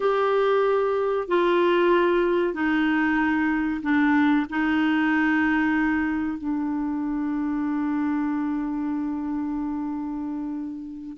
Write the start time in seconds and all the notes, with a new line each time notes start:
0.00 G4
1.28 F4
2.53 D#4
3.82 D4
4.49 D#4
6.38 D4